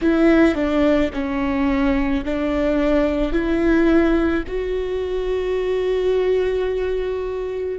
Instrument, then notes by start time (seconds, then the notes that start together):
viola
0.01 E4
0.55 D4
1.13 C#4
2.25 D4
3.32 E4
4.47 F#4